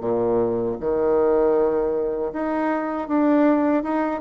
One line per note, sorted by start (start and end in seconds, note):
0.00 0.76 A#2
0.80 2.32 D#3
2.33 3.08 D#4
3.08 3.83 D4
3.83 4.20 D#4